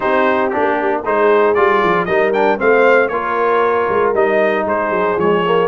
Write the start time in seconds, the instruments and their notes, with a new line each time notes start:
0.00 tuba C4, trombone D#4, horn G4, trumpet C5
0.49 trombone D4, trumpet G4
0.56 tuba A#3
1.04 tuba G#3, trombone D#4, horn G#4, trumpet C5
1.54 tuba G3, trombone F4, trumpet D5
1.83 tuba F3
2.05 tuba G3, trombone D#4, horn A#4, trumpet D#5
2.33 trombone D4, trumpet G5
2.57 tuba A3, trombone C4, horn C5, trumpet F5
3.08 tuba A#3, trombone F4, horn A#4, trumpet C#5
3.89 tuba G#3
4.14 tuba G3, trombone D#4, trumpet D#5
4.65 tuba G#3, horn G#4, trumpet C5
4.90 tuba F#3
5.16 tuba F3, trombone G#3, trumpet C#5
5.44 trombone A#3